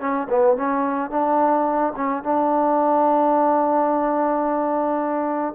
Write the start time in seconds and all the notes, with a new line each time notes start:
0.00 C#4
0.30 B3
0.57 C#4
1.10 D4
1.96 C#4
2.24 D4